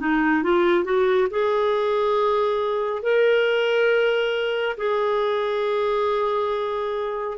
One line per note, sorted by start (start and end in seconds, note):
0.00 0.43 D#4
0.44 0.85 F4
0.85 1.28 F#4
1.31 3.03 G#4
3.03 4.77 A#4
4.78 7.38 G#4